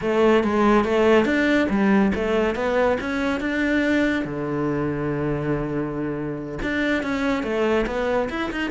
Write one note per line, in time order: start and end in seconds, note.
0.01 0.43 A3
0.43 0.84 G#3
0.84 1.25 A3
1.25 1.67 D4
1.69 2.12 G3
2.15 2.55 A3
2.55 2.97 B3
3.00 3.40 C#4
3.40 4.25 D4
4.25 6.59 D3
6.62 7.02 D4
7.02 7.43 C#4
7.43 7.85 A3
7.86 8.28 B3
8.29 8.50 E4
8.51 8.70 D#4